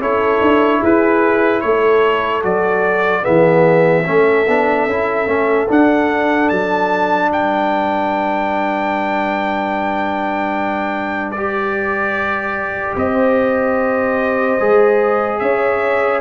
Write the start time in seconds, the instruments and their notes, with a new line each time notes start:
0.00 tuba C#4, trombone E4, horn A4, trumpet C#5
0.41 tuba D4
0.80 tuba E4, horn G#4, trumpet B4
1.61 tuba A3, horn A4, trumpet C#5
2.43 tuba F#3, trombone F#4, trumpet D5
3.23 tuba E3, trombone B3, horn G#4, trumpet E5
4.05 tuba A3, trombone C#4, horn A4
4.48 tuba B3, trombone D4
4.87 tuba C#4, trombone E4
5.27 tuba A3, trombone C#4
5.69 trombone D4, tuba D4, trumpet F#5
6.49 tuba F#3, trumpet A5
7.30 tuba G3, horn B4, trumpet G5
11.32 trombone G4, trumpet D5
12.96 tuba C4, horn C5, trumpet D#5
14.60 tuba G#3, trombone G#4
15.39 tuba C#4, horn C#5, trumpet E5